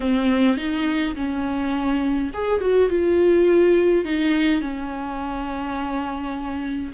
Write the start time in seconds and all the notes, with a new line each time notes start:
0.00 C4
0.57 D#4
1.15 C#4
2.33 G#4
2.60 F#4
2.89 F4
4.04 D#4
4.61 C#4